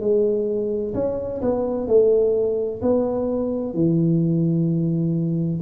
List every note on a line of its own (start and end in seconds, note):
0.00 0.94 G#3
0.94 1.41 C#4
1.41 1.87 B3
1.87 2.81 A3
2.82 3.73 B3
3.73 5.61 E3